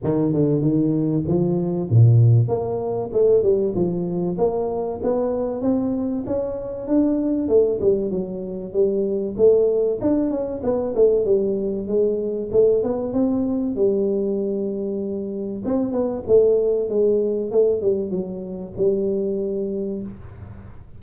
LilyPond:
\new Staff \with { instrumentName = "tuba" } { \time 4/4 \tempo 4 = 96 dis8 d8 dis4 f4 ais,4 | ais4 a8 g8 f4 ais4 | b4 c'4 cis'4 d'4 | a8 g8 fis4 g4 a4 |
d'8 cis'8 b8 a8 g4 gis4 | a8 b8 c'4 g2~ | g4 c'8 b8 a4 gis4 | a8 g8 fis4 g2 | }